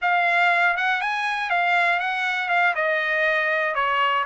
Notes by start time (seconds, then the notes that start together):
0.01 F5
0.76 F#5
1.01 G#5
1.50 F5
1.99 F#5
2.48 F5
2.75 D#5
3.74 C#5